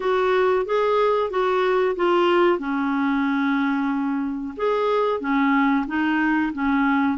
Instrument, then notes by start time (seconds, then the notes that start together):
clarinet
0.00 F#4
0.65 G#4
1.30 F#4
1.96 F4
2.58 C#4
4.57 G#4
5.20 C#4
5.87 D#4
6.53 C#4